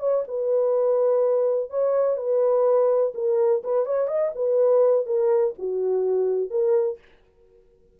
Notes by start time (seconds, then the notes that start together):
0.00 C#5
0.28 B4
1.70 C#5
2.17 B4
3.15 A#4
3.64 B4
3.86 C#5
4.08 D#5
4.35 B4
5.06 A#4
5.59 F#4
6.50 A#4